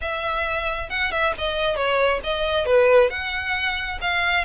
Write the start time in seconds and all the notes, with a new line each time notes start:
0.01 E5
0.89 F#5
1.11 E5
1.38 D#5
1.76 C#5
2.23 D#5
2.65 B4
3.09 F#5
4.01 F5